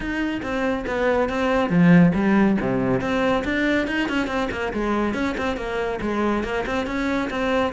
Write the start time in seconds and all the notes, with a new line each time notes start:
0.00 D#4
0.42 C4
0.86 B3
1.29 C4
1.69 F3
2.14 G3
2.60 C3
3.00 C4
3.44 D4
3.87 D#4
4.09 C#4
4.27 C4
4.51 A#3
4.73 G#3
5.14 C#4
5.37 C4
5.56 A#3
6.01 G#3
6.43 A#3
6.66 C4
6.86 C#4
7.30 C4